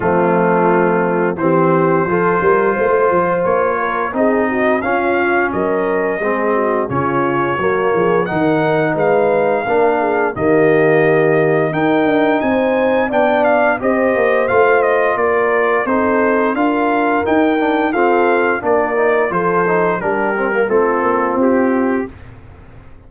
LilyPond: <<
  \new Staff \with { instrumentName = "trumpet" } { \time 4/4 \tempo 4 = 87 f'2 c''2~ | c''4 cis''4 dis''4 f''4 | dis''2 cis''2 | fis''4 f''2 dis''4~ |
dis''4 g''4 gis''4 g''8 f''8 | dis''4 f''8 dis''8 d''4 c''4 | f''4 g''4 f''4 d''4 | c''4 ais'4 a'4 g'4 | }
  \new Staff \with { instrumentName = "horn" } { \time 4/4 c'2 g'4 a'8 ais'8 | c''4. ais'8 gis'8 fis'8 f'4 | ais'4 gis'8 fis'8 f'4 fis'8 gis'8 | ais'4 b'4 ais'8 gis'8 g'4~ |
g'4 ais'4 c''4 d''4 | c''2 ais'4 a'4 | ais'2 a'4 ais'4 | a'4 g'4 f'2 | }
  \new Staff \with { instrumentName = "trombone" } { \time 4/4 a2 c'4 f'4~ | f'2 dis'4 cis'4~ | cis'4 c'4 cis'4 ais4 | dis'2 d'4 ais4~ |
ais4 dis'2 d'4 | g'4 f'2 dis'4 | f'4 dis'8 d'8 c'4 d'8 dis'8 | f'8 dis'8 d'8 c'16 ais16 c'2 | }
  \new Staff \with { instrumentName = "tuba" } { \time 4/4 f2 e4 f8 g8 | a8 f8 ais4 c'4 cis'4 | fis4 gis4 cis4 fis8 f8 | dis4 gis4 ais4 dis4~ |
dis4 dis'8 d'8 c'4 b4 | c'8 ais8 a4 ais4 c'4 | d'4 dis'4 f'4 ais4 | f4 g4 a8 ais8 c'4 | }
>>